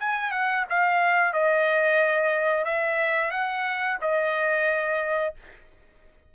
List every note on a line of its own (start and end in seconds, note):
0.00 0.32 G#5
0.32 0.65 F#5
0.70 1.34 F5
1.34 2.65 D#5
2.65 3.31 E5
3.31 3.98 F#5
4.02 5.35 D#5